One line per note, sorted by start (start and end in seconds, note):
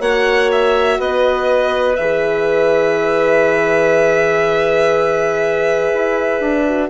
0.00 0.98 A#3
0.00 1.98 F#4
0.00 0.99 C#5
0.00 0.51 F#5
0.52 1.01 E5
0.99 1.98 B3
0.99 6.90 B4
0.99 1.96 D#5
1.96 5.92 E3
1.96 6.67 G#4
1.96 6.88 E5
5.94 6.40 E4
6.40 6.90 D4
6.67 6.91 F#4